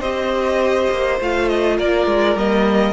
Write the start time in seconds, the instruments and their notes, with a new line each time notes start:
0.00 cello C4, viola G4, violin C5 D#5
0.91 cello A#3
1.20 cello A3, viola F4, violin F5
1.49 violin D#5
1.78 cello A#3, violin A#4 D5
2.07 cello G#3
2.36 cello G3, viola A#3, violin D#5